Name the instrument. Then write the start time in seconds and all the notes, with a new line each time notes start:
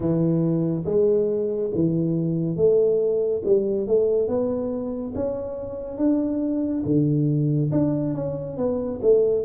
tuba
0.00 E3
0.85 G#3
1.74 E3
2.56 A3
3.44 G3
3.87 A3
4.27 B3
5.15 C#4
5.97 D4
6.85 D3
7.71 D4
8.14 C#4
8.57 B3
9.02 A3